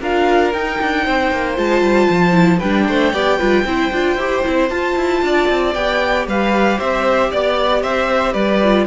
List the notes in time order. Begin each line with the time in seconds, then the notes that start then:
0.00 D4 F4 A#4 F5
0.53 D#4 G5
0.81 D4
1.04 C4 C5
1.32 A#3
1.55 G#3 F4 A5
1.82 G3
2.10 F3
2.32 E4
2.58 G3 D4 B4 G5
2.88 A3 C5
3.13 B3 G4 D5
3.38 G3 F4 B4
3.65 C4 E4 C5
3.92 D4 F4
4.16 E4 G4
4.44 C4 E4
4.69 F4 A5
4.96 E4
5.22 D4 D5
5.49 C4
5.73 B3 G4 G5
6.27 G3 B4 F5
6.78 C4 C5 E5
7.31 B3 D5
7.82 C4 C5 E5
8.33 G3 B4 D5
8.63 F4